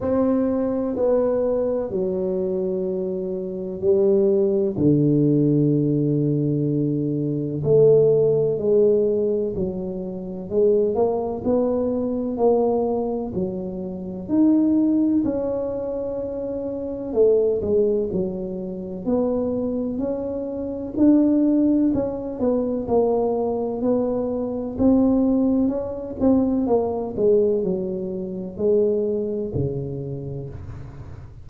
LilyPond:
\new Staff \with { instrumentName = "tuba" } { \time 4/4 \tempo 4 = 63 c'4 b4 fis2 | g4 d2. | a4 gis4 fis4 gis8 ais8 | b4 ais4 fis4 dis'4 |
cis'2 a8 gis8 fis4 | b4 cis'4 d'4 cis'8 b8 | ais4 b4 c'4 cis'8 c'8 | ais8 gis8 fis4 gis4 cis4 | }